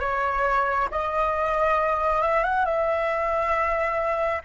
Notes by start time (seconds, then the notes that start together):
0.00 C#5
0.91 D#5
2.22 E5
2.43 F#5
2.65 E5